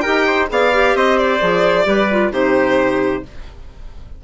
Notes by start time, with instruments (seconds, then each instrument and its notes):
0.00 clarinet G4, trumpet A#4, violin G5
0.06 bassoon D#4
0.27 trumpet C5
0.49 bassoon B3, clarinet G#4, trumpet D5, violin F5
0.72 clarinet G4
0.94 bassoon C4, trumpet C5, violin D#5
1.18 violin D5
1.40 bassoon F3, clarinet G#4
1.84 bassoon G3, clarinet G4, trumpet B4
2.10 clarinet F4
2.31 bassoon C3, clarinet D#4, trumpet G4, violin C5